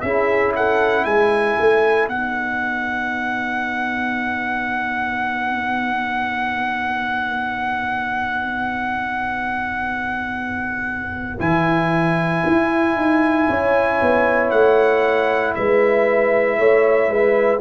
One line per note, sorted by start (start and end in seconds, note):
0.00 1.04 C#4
0.00 2.10 E4
0.00 0.55 G#4
0.00 0.52 E5
0.55 1.05 A4
0.55 1.04 F#5
1.04 1.56 G#3
1.04 13.47 B4
1.04 2.08 G#5
1.59 2.07 A3
2.07 11.38 B3
2.07 11.38 D#4
2.07 11.39 F#5
11.38 12.43 E3
11.38 17.59 E4
11.38 14.50 G#5
12.47 12.95 E4
12.95 13.47 D#4
13.48 14.00 C#4
13.48 15.55 C#5
14.01 14.51 B3
14.50 15.55 A3
14.50 15.53 F#5
15.55 16.58 G#3
15.55 16.58 B4
15.55 17.60 E5
16.58 17.08 A3
16.58 17.10 C#5
17.08 17.60 G#3
17.08 17.60 B4